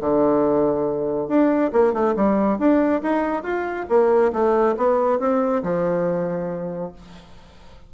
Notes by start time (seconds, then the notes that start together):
0.00 D3
1.28 D4
1.72 A#3
1.93 A3
2.16 G3
2.58 D4
3.02 D#4
3.42 F4
3.88 A#3
4.32 A3
4.76 B3
5.19 C4
5.63 F3